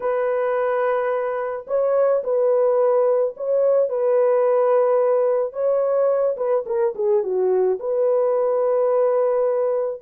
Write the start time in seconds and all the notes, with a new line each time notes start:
0.00 B4
1.67 C#5
2.23 B4
3.36 C#5
3.89 B4
5.52 C#5
6.36 B4
6.66 A#4
6.95 G#4
7.23 F#4
7.79 B4